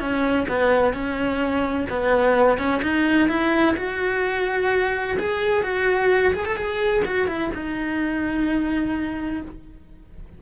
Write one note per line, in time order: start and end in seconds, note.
0.00 0.47 C#4
0.49 0.94 B3
0.94 1.87 C#4
1.90 2.59 B3
2.59 2.82 C#4
2.83 3.29 D#4
3.29 3.76 E4
3.77 5.18 F#4
5.19 5.63 G#4
5.63 6.34 F#4
6.34 6.46 G#4
6.46 6.57 A4
6.57 7.04 G#4
7.05 7.28 F#4
7.28 7.51 E4
7.55 9.42 D#4